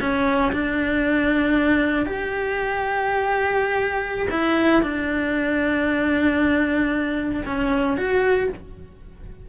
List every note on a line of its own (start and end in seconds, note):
0.00 0.52 C#4
0.52 2.06 D4
2.06 4.28 G4
4.30 4.82 E4
4.82 7.43 D4
7.46 7.97 C#4
7.97 8.49 F#4